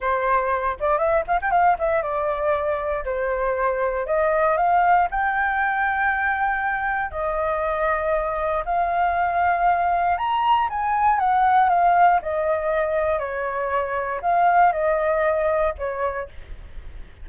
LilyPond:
\new Staff \with { instrumentName = "flute" } { \time 4/4 \tempo 4 = 118 c''4. d''8 e''8 f''16 g''16 f''8 e''8 | d''2 c''2 | dis''4 f''4 g''2~ | g''2 dis''2~ |
dis''4 f''2. | ais''4 gis''4 fis''4 f''4 | dis''2 cis''2 | f''4 dis''2 cis''4 | }